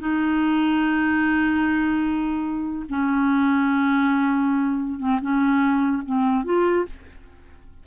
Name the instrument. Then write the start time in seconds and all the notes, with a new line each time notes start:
clarinet
0.00 D#4
2.89 C#4
5.00 C4
5.21 C#4
6.06 C4
6.45 F4